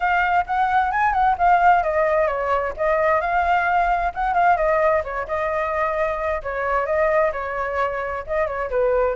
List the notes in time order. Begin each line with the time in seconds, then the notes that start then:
0.00 F5
0.46 F#5
0.91 G#5
1.13 F#5
1.38 F5
1.83 D#5
2.27 C#5
2.76 D#5
3.20 F5
4.14 F#5
4.34 F5
4.57 D#5
5.04 C#5
5.27 D#5
6.42 C#5
6.86 D#5
7.32 C#5
8.26 D#5
8.46 C#5
8.70 B4